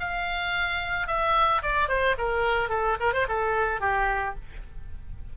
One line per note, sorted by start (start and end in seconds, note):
0.00 1.07 F5
1.07 1.62 E5
1.63 1.88 D5
1.88 2.16 C5
2.18 2.70 A#4
2.70 2.97 A4
3.00 3.13 A#4
3.13 3.27 C5
3.28 3.81 A4
3.81 4.35 G4